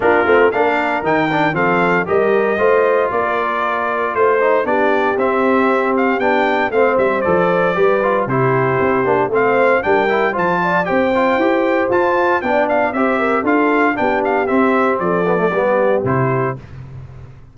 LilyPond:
<<
  \new Staff \with { instrumentName = "trumpet" } { \time 4/4 \tempo 4 = 116 ais'4 f''4 g''4 f''4 | dis''2 d''2 | c''4 d''4 e''4. f''8 | g''4 f''8 e''8 d''2 |
c''2 f''4 g''4 | a''4 g''2 a''4 | g''8 f''8 e''4 f''4 g''8 f''8 | e''4 d''2 c''4 | }
  \new Staff \with { instrumentName = "horn" } { \time 4/4 f'4 ais'2 a'4 | ais'4 c''4 ais'2 | c''4 g'2.~ | g'4 c''2 b'4 |
g'2 c''4 ais'4 | c''8 d''8 c''2. | d''4 c''8 ais'8 a'4 g'4~ | g'4 a'4 g'2 | }
  \new Staff \with { instrumentName = "trombone" } { \time 4/4 d'8 c'8 d'4 dis'8 d'8 c'4 | g'4 f'2.~ | f'8 dis'8 d'4 c'2 | d'4 c'4 a'4 g'8 f'8 |
e'4. d'8 c'4 d'8 e'8 | f'4 g'8 f'8 g'4 f'4 | d'4 g'4 f'4 d'4 | c'4. b16 a16 b4 e'4 | }
  \new Staff \with { instrumentName = "tuba" } { \time 4/4 ais8 a8 ais4 dis4 f4 | g4 a4 ais2 | a4 b4 c'2 | b4 a8 g8 f4 g4 |
c4 c'8 ais8 a4 g4 | f4 c'4 e'4 f'4 | b4 c'4 d'4 b4 | c'4 f4 g4 c4 | }
>>